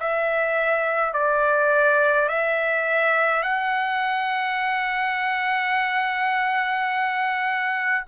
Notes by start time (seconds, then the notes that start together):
0.00 E5
1.13 D5
2.29 E5
3.43 F#5